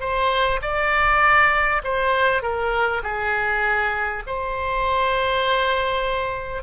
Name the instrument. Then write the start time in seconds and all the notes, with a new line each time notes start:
oboe
0.00 C5
0.62 D5
1.84 C5
2.42 A#4
3.03 G#4
4.27 C5